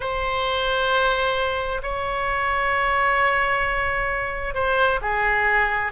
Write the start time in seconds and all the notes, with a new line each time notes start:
0.00 C5
1.82 C#5
4.54 C5
5.01 G#4